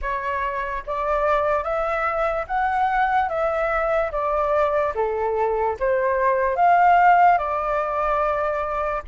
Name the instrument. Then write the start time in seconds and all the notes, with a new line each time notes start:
flute
0.01 C#5
0.86 D5
1.63 E5
2.47 F#5
3.28 E5
4.11 D5
4.94 A4
5.79 C5
6.56 F5
7.37 D5